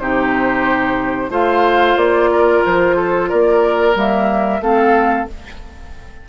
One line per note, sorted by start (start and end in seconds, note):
0.00 1.30 C3
0.00 1.30 D#4
0.00 1.31 G4
0.00 1.32 C5
1.30 1.96 A3
1.30 3.94 F4
1.30 2.30 C5
1.30 1.98 F5
1.97 2.63 A#3
1.97 2.64 D5
2.32 2.97 A#4
2.66 3.33 F3
2.66 3.30 C5
2.97 3.30 A4
3.30 3.95 A#3
3.30 4.61 A#4
3.30 3.96 D5
3.95 4.61 G3
3.95 4.61 A#3
3.95 4.62 E5
4.61 5.27 A3
4.61 5.28 C4
4.61 5.29 A4
4.61 5.28 F5